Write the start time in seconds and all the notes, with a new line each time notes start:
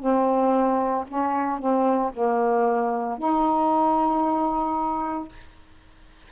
0.00 C4
1.08 C#4
1.60 C4
2.14 A#3
3.19 D#4